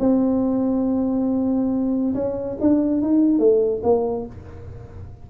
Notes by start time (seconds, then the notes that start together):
0.00 C4
2.15 C#4
2.61 D4
3.02 D#4
3.39 A3
3.84 A#3